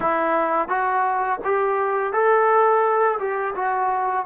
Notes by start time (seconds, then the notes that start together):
0.00 E4
0.68 F#4
1.44 G4
2.12 A4
3.19 G4
3.55 F#4